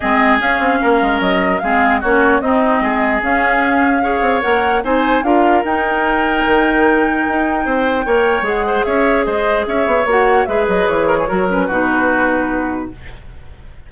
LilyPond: <<
  \new Staff \with { instrumentName = "flute" } { \time 4/4 \tempo 4 = 149 dis''4 f''2 dis''4 | f''4 cis''4 dis''2 | f''2. fis''4 | gis''4 f''4 g''2~ |
g''1~ | g''4 fis''4 e''4 dis''4 | e''4 fis''4 e''8 dis''8 cis''4~ | cis''8 b'2.~ b'8 | }
  \new Staff \with { instrumentName = "oboe" } { \time 4/4 gis'2 ais'2 | gis'4 fis'4 dis'4 gis'4~ | gis'2 cis''2 | c''4 ais'2.~ |
ais'2. c''4 | cis''4. c''8 cis''4 c''4 | cis''2 b'4. ais'16 gis'16 | ais'4 fis'2. | }
  \new Staff \with { instrumentName = "clarinet" } { \time 4/4 c'4 cis'2. | c'4 cis'4 c'2 | cis'2 gis'4 ais'4 | dis'4 f'4 dis'2~ |
dis'1 | ais'4 gis'2.~ | gis'4 fis'4 gis'2 | fis'8 cis'8 dis'2. | }
  \new Staff \with { instrumentName = "bassoon" } { \time 4/4 gis4 cis'8 c'8 ais8 gis8 fis4 | gis4 ais4 c'4 gis4 | cis'2~ cis'8 c'8 ais4 | c'4 d'4 dis'2 |
dis2 dis'4 c'4 | ais4 gis4 cis'4 gis4 | cis'8 b8 ais4 gis8 fis8 e4 | fis4 b,2. | }
>>